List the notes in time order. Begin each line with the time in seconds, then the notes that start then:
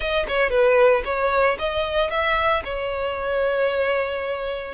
0.00 D#5
0.28 C#5
0.50 B4
1.05 C#5
1.58 D#5
2.10 E5
2.64 C#5